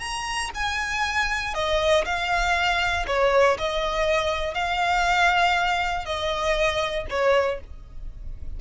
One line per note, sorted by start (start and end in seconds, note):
0.00 0.50 A#5
0.54 1.54 G#5
1.54 2.04 D#5
2.05 3.06 F5
3.07 3.57 C#5
3.58 4.54 D#5
4.54 6.05 F5
6.05 7.06 D#5
7.10 7.60 C#5